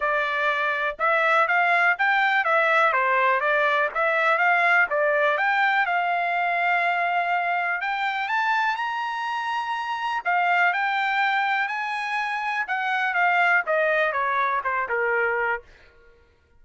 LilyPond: \new Staff \with { instrumentName = "trumpet" } { \time 4/4 \tempo 4 = 123 d''2 e''4 f''4 | g''4 e''4 c''4 d''4 | e''4 f''4 d''4 g''4 | f''1 |
g''4 a''4 ais''2~ | ais''4 f''4 g''2 | gis''2 fis''4 f''4 | dis''4 cis''4 c''8 ais'4. | }